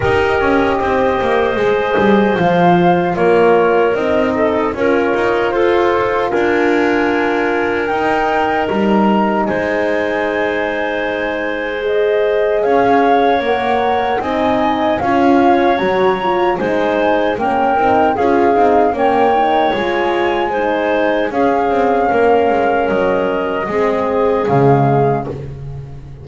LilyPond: <<
  \new Staff \with { instrumentName = "flute" } { \time 4/4 \tempo 4 = 76 dis''2. f''4 | cis''4 dis''4 cis''4 c''4 | gis''2 g''4 ais''4 | gis''2. dis''4 |
f''4 fis''4 gis''4 f''4 | ais''4 gis''4 g''4 f''4 | g''4 gis''2 f''4~ | f''4 dis''2 f''4 | }
  \new Staff \with { instrumentName = "clarinet" } { \time 4/4 ais'4 c''2. | ais'4. a'8 ais'4 a'4 | ais'1 | c''1 |
cis''2 dis''4 cis''4~ | cis''4 c''4 ais'4 gis'4 | cis''2 c''4 gis'4 | ais'2 gis'2 | }
  \new Staff \with { instrumentName = "horn" } { \time 4/4 g'2 gis'4 f'4~ | f'4 dis'4 f'2~ | f'2 dis'2~ | dis'2. gis'4~ |
gis'4 ais'4 dis'4 f'4 | fis'8 f'8 dis'4 cis'8 dis'8 f'8 dis'8 | cis'8 dis'8 f'4 dis'4 cis'4~ | cis'2 c'4 gis4 | }
  \new Staff \with { instrumentName = "double bass" } { \time 4/4 dis'8 cis'8 c'8 ais8 gis8 g8 f4 | ais4 c'4 cis'8 dis'8 f'4 | d'2 dis'4 g4 | gis1 |
cis'4 ais4 c'4 cis'4 | fis4 gis4 ais8 c'8 cis'8 c'8 | ais4 gis2 cis'8 c'8 | ais8 gis8 fis4 gis4 cis4 | }
>>